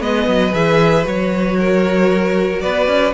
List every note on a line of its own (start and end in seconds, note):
0.00 0.27 G#3
0.00 0.52 B3
0.00 1.57 B4
0.00 0.54 D#5
0.27 0.53 F#3
0.52 1.05 E3
0.52 1.04 G#4
0.52 1.06 E5
1.04 2.63 F#3
1.04 3.13 F#4
1.04 2.61 C#5
1.59 2.62 A#4
2.61 2.87 B3
2.61 3.14 B4
2.61 3.13 D5
2.87 3.13 C#4